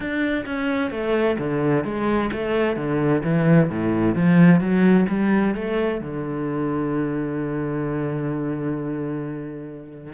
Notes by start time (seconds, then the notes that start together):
0.00 D4
0.45 C#4
0.90 A3
1.38 D3
1.84 G#3
2.32 A3
2.76 D3
3.23 E3
3.70 A2
4.15 F3
4.60 F#3
5.08 G3
5.54 A3
6.00 D3